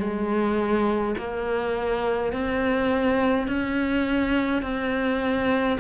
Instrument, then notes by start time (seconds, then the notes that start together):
cello
0.00 G#3
1.18 A#3
2.32 C4
3.48 C#4
4.63 C4